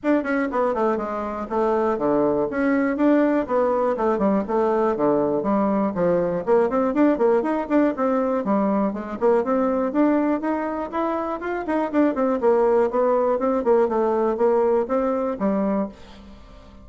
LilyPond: \new Staff \with { instrumentName = "bassoon" } { \time 4/4 \tempo 4 = 121 d'8 cis'8 b8 a8 gis4 a4 | d4 cis'4 d'4 b4 | a8 g8 a4 d4 g4 | f4 ais8 c'8 d'8 ais8 dis'8 d'8 |
c'4 g4 gis8 ais8 c'4 | d'4 dis'4 e'4 f'8 dis'8 | d'8 c'8 ais4 b4 c'8 ais8 | a4 ais4 c'4 g4 | }